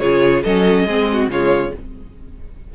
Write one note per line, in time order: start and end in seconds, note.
0.00 0.44 C#3
0.00 0.46 F4
0.00 0.44 G#4
0.00 0.43 C#5
0.44 0.86 F#3
0.44 0.88 C#4
0.44 0.87 A4
0.44 1.30 D#5
0.86 1.28 G#3
0.86 1.31 C4
0.86 1.08 G#4
1.13 1.31 F#4
1.28 1.71 C#3
1.28 1.74 G#3
1.28 1.75 F4
1.28 1.75 C#5